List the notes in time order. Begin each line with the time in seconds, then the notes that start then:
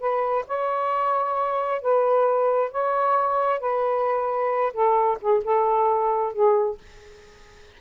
0.00 B4
0.47 C#5
1.82 B4
2.71 C#5
3.60 B4
4.73 A4
5.21 G#4
5.44 A4
6.33 G#4